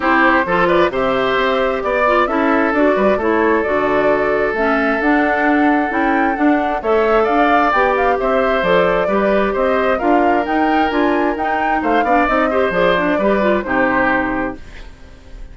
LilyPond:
<<
  \new Staff \with { instrumentName = "flute" } { \time 4/4 \tempo 4 = 132 c''4. d''8 e''2 | d''4 e''4 d''4 cis''4 | d''2 e''4 fis''4~ | fis''4 g''4 fis''4 e''4 |
f''4 g''8 f''8 e''4 d''4~ | d''4 dis''4 f''4 g''4 | gis''4 g''4 f''4 dis''4 | d''2 c''2 | }
  \new Staff \with { instrumentName = "oboe" } { \time 4/4 g'4 a'8 b'8 c''2 | d''4 a'4. b'8 a'4~ | a'1~ | a'2. cis''4 |
d''2 c''2 | b'4 c''4 ais'2~ | ais'2 c''8 d''4 c''8~ | c''4 b'4 g'2 | }
  \new Staff \with { instrumentName = "clarinet" } { \time 4/4 e'4 f'4 g'2~ | g'8 f'8 e'4 fis'4 e'4 | fis'2 cis'4 d'4~ | d'4 e'4 d'4 a'4~ |
a'4 g'2 a'4 | g'2 f'4 dis'4 | f'4 dis'4. d'8 dis'8 g'8 | gis'8 d'8 g'8 f'8 dis'2 | }
  \new Staff \with { instrumentName = "bassoon" } { \time 4/4 c'4 f4 c4 c'4 | b4 cis'4 d'8 g8 a4 | d2 a4 d'4~ | d'4 cis'4 d'4 a4 |
d'4 b4 c'4 f4 | g4 c'4 d'4 dis'4 | d'4 dis'4 a8 b8 c'4 | f4 g4 c2 | }
>>